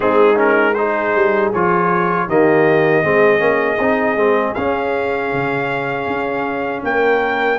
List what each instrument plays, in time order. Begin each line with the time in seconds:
0.00 tuba G#3, trombone C4, horn D#4, trumpet G#4
0.35 trombone C#4, trumpet A#4
0.73 trombone D#4, horn G#4, trumpet C5
1.14 tuba G3
1.53 tuba F3, trombone F4, trumpet C#5
2.27 tuba D#3, trombone A#3, horn G4, trumpet D#5
3.03 tuba G#3, trombone C4, horn G#4
3.38 tuba A#3, trombone C#4
3.78 tuba C4, trombone D#4
4.16 tuba G#3, trombone C4
4.54 trombone C#4, tuba C#4, trumpet F5
5.33 tuba C#3
6.06 tuba C#4
6.83 tuba A#3, horn A#4, trumpet G5